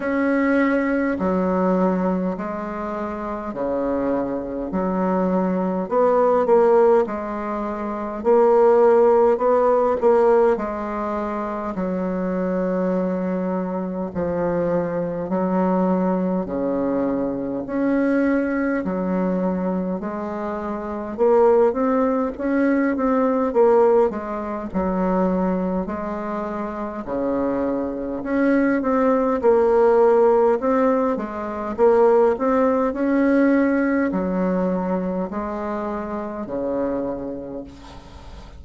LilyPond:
\new Staff \with { instrumentName = "bassoon" } { \time 4/4 \tempo 4 = 51 cis'4 fis4 gis4 cis4 | fis4 b8 ais8 gis4 ais4 | b8 ais8 gis4 fis2 | f4 fis4 cis4 cis'4 |
fis4 gis4 ais8 c'8 cis'8 c'8 | ais8 gis8 fis4 gis4 cis4 | cis'8 c'8 ais4 c'8 gis8 ais8 c'8 | cis'4 fis4 gis4 cis4 | }